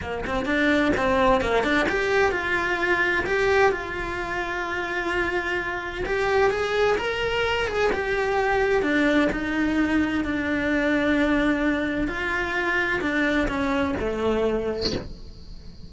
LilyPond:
\new Staff \with { instrumentName = "cello" } { \time 4/4 \tempo 4 = 129 ais8 c'8 d'4 c'4 ais8 d'8 | g'4 f'2 g'4 | f'1~ | f'4 g'4 gis'4 ais'4~ |
ais'8 gis'8 g'2 d'4 | dis'2 d'2~ | d'2 f'2 | d'4 cis'4 a2 | }